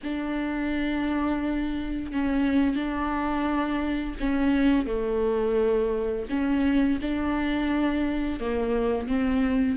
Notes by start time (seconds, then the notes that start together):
0.03 D4
2.12 C#4
2.75 D4
4.20 C#4
4.86 A3
6.29 C#4
7.01 D4
8.39 A#3
9.07 C4